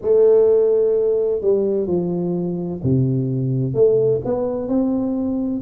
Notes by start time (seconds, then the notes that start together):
0.01 A3
1.41 G3
1.87 F3
2.83 C3
3.74 A3
4.24 B3
4.68 C4